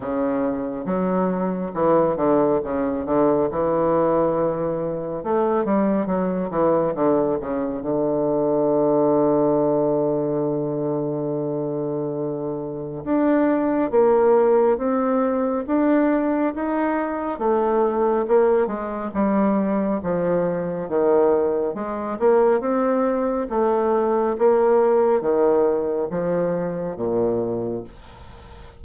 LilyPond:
\new Staff \with { instrumentName = "bassoon" } { \time 4/4 \tempo 4 = 69 cis4 fis4 e8 d8 cis8 d8 | e2 a8 g8 fis8 e8 | d8 cis8 d2.~ | d2. d'4 |
ais4 c'4 d'4 dis'4 | a4 ais8 gis8 g4 f4 | dis4 gis8 ais8 c'4 a4 | ais4 dis4 f4 ais,4 | }